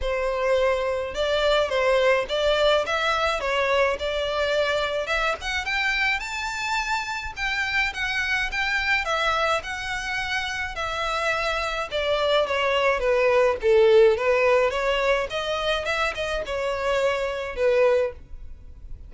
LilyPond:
\new Staff \with { instrumentName = "violin" } { \time 4/4 \tempo 4 = 106 c''2 d''4 c''4 | d''4 e''4 cis''4 d''4~ | d''4 e''8 fis''8 g''4 a''4~ | a''4 g''4 fis''4 g''4 |
e''4 fis''2 e''4~ | e''4 d''4 cis''4 b'4 | a'4 b'4 cis''4 dis''4 | e''8 dis''8 cis''2 b'4 | }